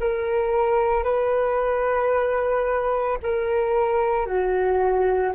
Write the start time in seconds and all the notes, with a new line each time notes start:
0.00 A#4
1.03 B4
3.22 A#4
4.26 F#4